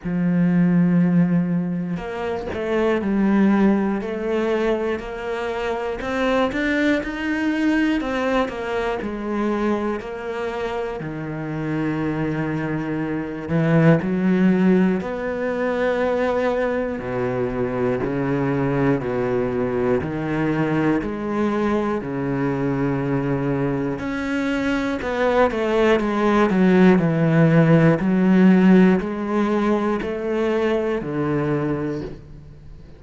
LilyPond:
\new Staff \with { instrumentName = "cello" } { \time 4/4 \tempo 4 = 60 f2 ais8 a8 g4 | a4 ais4 c'8 d'8 dis'4 | c'8 ais8 gis4 ais4 dis4~ | dis4. e8 fis4 b4~ |
b4 b,4 cis4 b,4 | dis4 gis4 cis2 | cis'4 b8 a8 gis8 fis8 e4 | fis4 gis4 a4 d4 | }